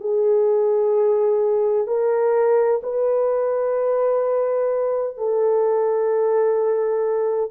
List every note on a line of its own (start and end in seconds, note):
0.00 1.87 G#4
1.87 2.81 A#4
2.83 5.17 B4
5.17 7.51 A4